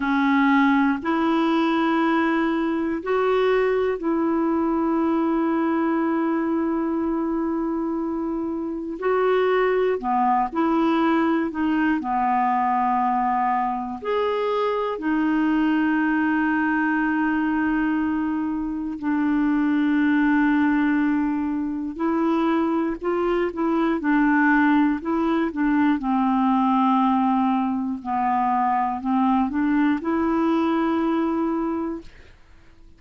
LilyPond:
\new Staff \with { instrumentName = "clarinet" } { \time 4/4 \tempo 4 = 60 cis'4 e'2 fis'4 | e'1~ | e'4 fis'4 b8 e'4 dis'8 | b2 gis'4 dis'4~ |
dis'2. d'4~ | d'2 e'4 f'8 e'8 | d'4 e'8 d'8 c'2 | b4 c'8 d'8 e'2 | }